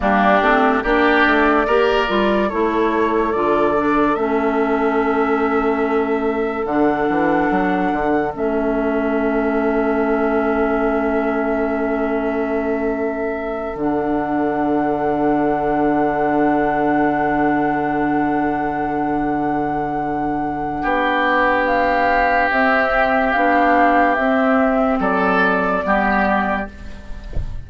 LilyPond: <<
  \new Staff \with { instrumentName = "flute" } { \time 4/4 \tempo 4 = 72 g'4 d''2 cis''4 | d''4 e''2. | fis''2 e''2~ | e''1~ |
e''8 fis''2.~ fis''8~ | fis''1~ | fis''2 f''4 e''4 | f''4 e''4 d''2 | }
  \new Staff \with { instrumentName = "oboe" } { \time 4/4 d'4 g'4 ais'4 a'4~ | a'1~ | a'1~ | a'1~ |
a'1~ | a'1~ | a'4 g'2.~ | g'2 a'4 g'4 | }
  \new Staff \with { instrumentName = "clarinet" } { \time 4/4 ais8 c'8 d'4 g'8 f'8 e'4 | f'8 d'8 cis'2. | d'2 cis'2~ | cis'1~ |
cis'8 d'2.~ d'8~ | d'1~ | d'2. c'4 | d'4 c'2 b4 | }
  \new Staff \with { instrumentName = "bassoon" } { \time 4/4 g8 a8 ais8 a8 ais8 g8 a4 | d4 a2. | d8 e8 fis8 d8 a2~ | a1~ |
a8 d2.~ d8~ | d1~ | d4 b2 c'4 | b4 c'4 fis4 g4 | }
>>